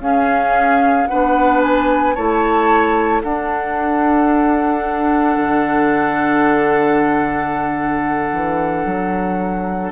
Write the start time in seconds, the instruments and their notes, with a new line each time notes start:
0.00 bassoon C#4, clarinet C#4, oboe G#4, flute F5
1.07 bassoon B3, clarinet D4, oboe B4, flute F#5
1.62 flute G#5
2.15 bassoon A3, clarinet E4, oboe C#5, flute A5
3.23 bassoon D4, clarinet D4, oboe A4, flute F#5
5.36 bassoon D3
8.32 bassoon E3
8.85 bassoon F#3